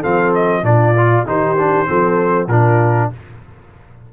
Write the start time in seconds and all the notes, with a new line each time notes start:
0.00 F3 C4 A4 F5
0.34 D#5
0.62 A#2 D4 F4 D5
0.97 F4
1.26 D#3 D#4 G4 C5
1.57 D4
1.86 F3 C4 A4
2.47 A#2 D4 F4 A#4